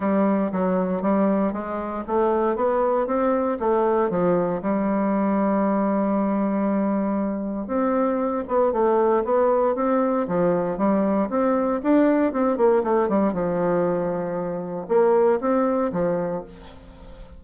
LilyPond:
\new Staff \with { instrumentName = "bassoon" } { \time 4/4 \tempo 4 = 117 g4 fis4 g4 gis4 | a4 b4 c'4 a4 | f4 g2.~ | g2. c'4~ |
c'8 b8 a4 b4 c'4 | f4 g4 c'4 d'4 | c'8 ais8 a8 g8 f2~ | f4 ais4 c'4 f4 | }